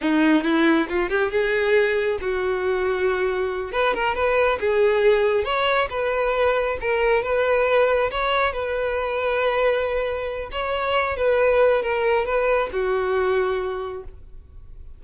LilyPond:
\new Staff \with { instrumentName = "violin" } { \time 4/4 \tempo 4 = 137 dis'4 e'4 f'8 g'8 gis'4~ | gis'4 fis'2.~ | fis'8 b'8 ais'8 b'4 gis'4.~ | gis'8 cis''4 b'2 ais'8~ |
ais'8 b'2 cis''4 b'8~ | b'1 | cis''4. b'4. ais'4 | b'4 fis'2. | }